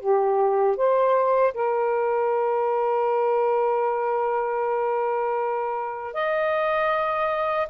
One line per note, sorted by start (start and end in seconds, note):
0.00 0.77 G4
0.77 1.54 C5
1.54 6.14 A#4
6.14 7.68 D#5